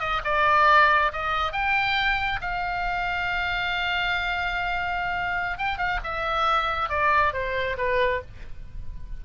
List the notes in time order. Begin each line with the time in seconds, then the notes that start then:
0.00 D#5
0.25 D5
1.13 D#5
1.52 G5
2.41 F5
5.58 G5
5.78 F5
6.04 E5
6.90 D5
7.33 C5
7.78 B4